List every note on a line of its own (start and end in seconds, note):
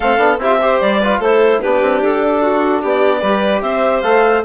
0.00 0.18 A3
0.00 0.18 C4
0.00 0.40 A4
0.00 0.38 F5
0.18 0.38 B3
0.18 0.38 D4
0.38 0.78 C4
0.38 0.46 E4
0.38 0.61 G4
0.38 0.80 E5
0.46 0.56 F4
0.61 1.01 G4
0.61 0.99 C5
0.80 1.19 G3
0.80 1.20 D5
0.99 1.23 F4
0.99 1.19 B4
1.19 1.59 A3
1.19 1.63 E4
1.19 1.59 A4
1.19 1.61 C5
1.61 1.82 B3
1.61 3.24 D4
1.61 2.41 G4
1.61 2.01 B4
1.82 2.02 C4
2.02 2.82 D4
2.02 2.83 A4
2.41 2.82 F#4
2.82 3.22 B3
2.82 3.21 G4
2.82 3.61 D5
3.21 3.61 G3
3.21 4.03 G4
3.21 3.61 B4
3.61 4.02 C4
3.61 4.43 C5
3.61 4.01 E5
4.01 4.43 A3
4.01 4.43 A4
4.01 4.41 F5